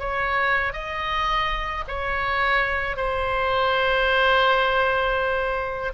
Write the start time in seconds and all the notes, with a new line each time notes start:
0.00 C#5
0.74 D#5
1.88 C#5
2.97 C5